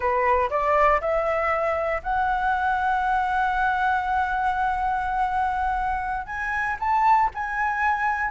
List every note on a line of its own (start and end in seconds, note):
0.00 0.49 B4
0.50 1.00 D5
1.00 2.01 E5
2.03 6.26 F#5
6.26 6.77 G#5
6.79 7.30 A5
7.34 8.30 G#5